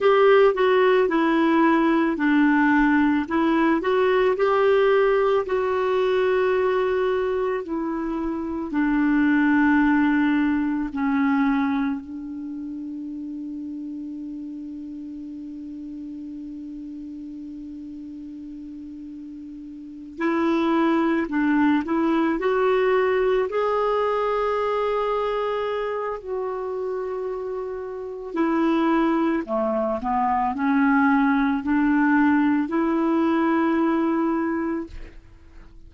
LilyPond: \new Staff \with { instrumentName = "clarinet" } { \time 4/4 \tempo 4 = 55 g'8 fis'8 e'4 d'4 e'8 fis'8 | g'4 fis'2 e'4 | d'2 cis'4 d'4~ | d'1~ |
d'2~ d'8 e'4 d'8 | e'8 fis'4 gis'2~ gis'8 | fis'2 e'4 a8 b8 | cis'4 d'4 e'2 | }